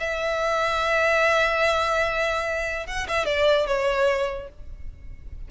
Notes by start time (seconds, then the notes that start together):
0.00 E5
2.87 F#5
3.08 E5
3.26 D5
3.67 C#5